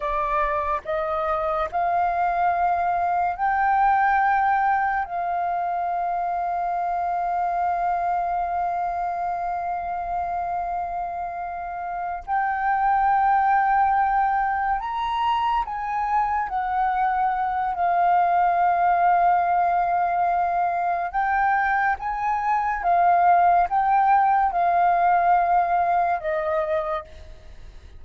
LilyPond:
\new Staff \with { instrumentName = "flute" } { \time 4/4 \tempo 4 = 71 d''4 dis''4 f''2 | g''2 f''2~ | f''1~ | f''2~ f''8 g''4.~ |
g''4. ais''4 gis''4 fis''8~ | fis''4 f''2.~ | f''4 g''4 gis''4 f''4 | g''4 f''2 dis''4 | }